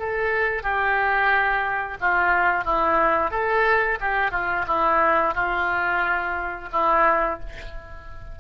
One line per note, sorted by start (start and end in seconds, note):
0.00 0.63 A4
0.63 1.98 G4
2.01 2.65 F4
2.65 3.32 E4
3.32 3.99 A4
4.01 4.32 G4
4.32 4.65 F4
4.68 5.35 E4
5.35 6.70 F4
6.73 7.40 E4